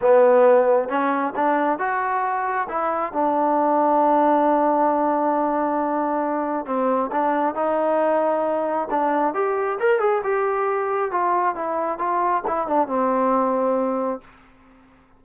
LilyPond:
\new Staff \with { instrumentName = "trombone" } { \time 4/4 \tempo 4 = 135 b2 cis'4 d'4 | fis'2 e'4 d'4~ | d'1~ | d'2. c'4 |
d'4 dis'2. | d'4 g'4 ais'8 gis'8 g'4~ | g'4 f'4 e'4 f'4 | e'8 d'8 c'2. | }